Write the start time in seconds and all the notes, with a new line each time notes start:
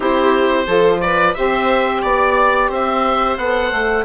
0.00 C4 E4 G4 C5
0.66 F3 F4 A4
1.00 B4 D5
1.34 C4 G4 C5 E5
2.02 B3 D5
2.69 C4 C5 E5
3.37 B3 A4 F#5
3.71 A3